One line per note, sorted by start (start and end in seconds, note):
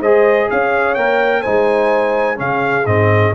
0.00 0.48 G#3
0.00 0.97 G#4
0.00 0.48 C5
0.00 0.49 D#5
0.50 0.96 C#4
0.50 1.41 C#5
0.50 0.94 F5
0.94 1.43 A#3
0.94 1.44 A#4
0.94 1.42 G5
1.41 2.39 G#3
1.41 2.35 D#4
1.41 2.36 C5
1.41 2.37 G#5
2.35 2.86 C#3
2.35 2.83 C#4
2.35 3.34 G#4
2.35 2.86 F5
2.86 3.33 G#2
2.86 3.34 C4
2.86 3.34 D#5